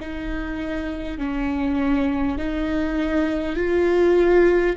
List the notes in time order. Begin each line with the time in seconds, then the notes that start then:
0.00 D#4
1.18 C#4
2.38 D#4
3.56 F4